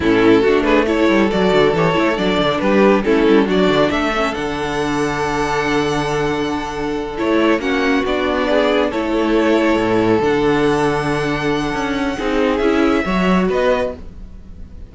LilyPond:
<<
  \new Staff \with { instrumentName = "violin" } { \time 4/4 \tempo 4 = 138 a'4. b'8 cis''4 d''4 | cis''4 d''4 b'4 a'4 | d''4 e''4 fis''2~ | fis''1~ |
fis''8 cis''4 fis''4 d''4.~ | d''8 cis''2. fis''8~ | fis''1~ | fis''4 e''2 dis''4 | }
  \new Staff \with { instrumentName = "violin" } { \time 4/4 e'4 fis'8 gis'8 a'2~ | a'2 g'4 e'4 | fis'4 a'2.~ | a'1~ |
a'4. fis'2 gis'8~ | gis'8 a'2.~ a'8~ | a'1 | gis'2 cis''4 b'4 | }
  \new Staff \with { instrumentName = "viola" } { \time 4/4 cis'4 d'4 e'4 fis'4 | g'8 e'8 d'2 cis'4 | d'4. cis'8 d'2~ | d'1~ |
d'8 e'4 cis'4 d'4.~ | d'8 e'2. d'8~ | d'1 | dis'4 e'4 fis'2 | }
  \new Staff \with { instrumentName = "cello" } { \time 4/4 a,4 a4. g8 fis8 d8 | e8 a8 fis8 d8 g4 a8 g8 | fis8 d8 a4 d2~ | d1~ |
d8 a4 ais4 b4.~ | b8 a2 a,4 d8~ | d2. cis'4 | c'4 cis'4 fis4 b4 | }
>>